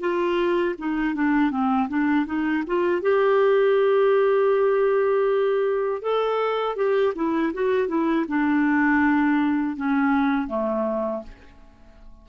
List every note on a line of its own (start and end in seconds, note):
0.00 0.75 F4
0.78 1.15 D#4
1.15 1.51 D4
1.51 1.88 C4
1.89 2.26 D4
2.26 2.63 D#4
2.67 3.01 F4
3.01 6.01 G4
6.01 6.76 A4
6.76 7.13 G4
7.15 7.52 E4
7.53 7.88 F#4
7.88 8.25 E4
8.28 9.76 D4
9.76 10.47 C#4
10.47 11.22 A3